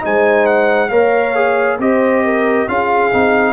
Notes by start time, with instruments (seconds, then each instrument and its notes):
0.00 tuba G#3, trombone D#4, horn C5, trumpet G#5
0.46 trumpet F#5
0.89 tuba A#3, trombone A#4, horn C#5, trumpet F5
1.35 trombone G#4
1.79 tuba C4, trombone G4, horn C5, trumpet D#5
2.25 horn A#4
2.68 tuba C#4, trombone F4, horn G#4, trumpet F5
3.12 tuba C4, trombone D#4